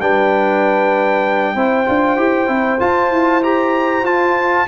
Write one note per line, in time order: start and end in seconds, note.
0.00 1.55 G3
0.00 1.56 D4
0.00 1.55 B4
0.00 2.80 G5
1.55 1.86 C4
1.55 1.85 E4
1.55 4.67 C5
1.85 2.17 D4
1.85 2.17 F4
2.17 2.48 E4
2.17 2.47 G4
2.47 2.79 C4
2.47 2.78 E4
2.79 3.10 F4
2.79 3.42 F4
2.79 3.42 A5
3.10 4.02 E4
3.42 4.05 G4
3.42 4.05 A#5
4.02 4.65 F4
4.02 4.67 F4
4.02 4.68 A5